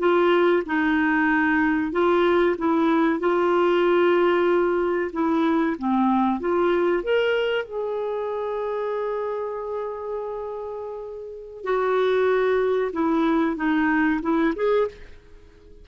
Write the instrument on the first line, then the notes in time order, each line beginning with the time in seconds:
clarinet
0.00 F4
0.67 D#4
1.93 F4
2.59 E4
3.20 F4
5.13 E4
5.79 C4
6.41 F4
7.04 A#4
7.66 G#4
11.65 F#4
12.93 E4
13.57 D#4
14.23 E4
14.56 G#4